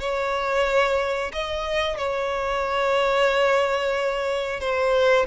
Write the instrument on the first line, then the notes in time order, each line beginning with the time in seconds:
violin
0.00 C#5
1.33 D#5
1.98 C#5
4.60 C5